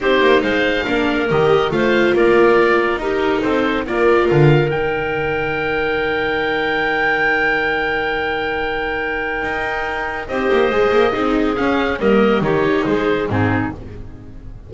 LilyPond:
<<
  \new Staff \with { instrumentName = "oboe" } { \time 4/4 \tempo 4 = 140 c''4 f''2 dis''4 | f''4 d''2 ais'4 | c''4 d''4 f''4 g''4~ | g''1~ |
g''1~ | g''1 | dis''2. f''4 | dis''4 cis''4 c''4 gis'4 | }
  \new Staff \with { instrumentName = "clarinet" } { \time 4/4 g'4 c''4 ais'2 | c''4 ais'2 g'4 | a'4 ais'2.~ | ais'1~ |
ais'1~ | ais'1 | c''2 gis'2 | ais'4 g'4 gis'4 dis'4 | }
  \new Staff \with { instrumentName = "viola" } { \time 4/4 dis'2 d'4 g'4 | f'2. dis'4~ | dis'4 f'2 dis'4~ | dis'1~ |
dis'1~ | dis'1 | g'4 gis'4 dis'4 cis'4 | ais4 dis'2 c'4 | }
  \new Staff \with { instrumentName = "double bass" } { \time 4/4 c'8 ais8 gis4 ais4 dis4 | a4 ais2 dis'4 | c'4 ais4 d4 dis4~ | dis1~ |
dis1~ | dis2 dis'2 | c'8 ais8 gis8 ais8 c'4 cis'4 | g4 dis4 gis4 gis,4 | }
>>